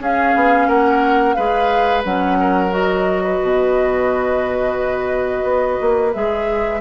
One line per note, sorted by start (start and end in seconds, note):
0.00 0.34 C#4
0.00 1.37 C#4
0.00 0.68 G#4
0.00 0.69 F5
0.36 0.68 B3
0.68 1.36 A#3
0.68 1.36 A#4
0.68 1.34 F#5
1.34 2.05 G#3
1.34 2.05 G#4
1.34 2.38 B4
1.34 2.03 F5
2.05 3.41 F#3
2.05 2.70 C#4
2.05 2.73 F#5
2.40 3.24 A#4
2.70 6.11 F#4
2.70 6.13 D#5
3.24 6.82 B4
3.42 5.43 B2
5.43 5.77 B3
5.81 6.15 A#3
6.13 6.82 G#3
6.13 6.82 G#4
6.13 6.82 E5